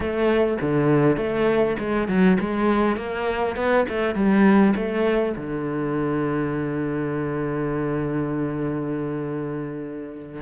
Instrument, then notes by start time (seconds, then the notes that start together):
cello
0.00 A3
0.61 D3
1.16 A3
1.79 G#3
2.07 F#3
2.40 G#3
2.96 A#3
3.55 B3
3.88 A3
4.14 G3
4.75 A3
5.36 D3